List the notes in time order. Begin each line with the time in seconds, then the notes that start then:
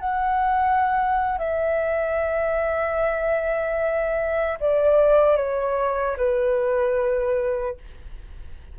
0.00 F#5
1.39 E5
4.61 D5
5.37 C#5
6.18 B4